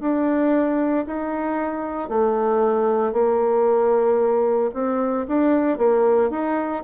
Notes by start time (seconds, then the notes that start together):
0.00 D4
1.06 D#4
2.09 A3
3.12 A#3
4.73 C4
5.27 D4
5.78 A#3
6.30 D#4